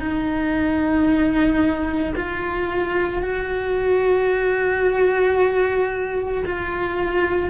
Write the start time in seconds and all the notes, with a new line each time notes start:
0.00 D#4
2.16 F4
3.22 F#4
6.46 F4